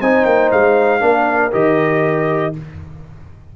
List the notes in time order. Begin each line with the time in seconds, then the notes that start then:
0.00 C4 D#4 C5 G#5
0.25 A#3 G5
0.51 G#3 F5
1.00 A#3 D4 A#4
1.51 D#3 G4 D#5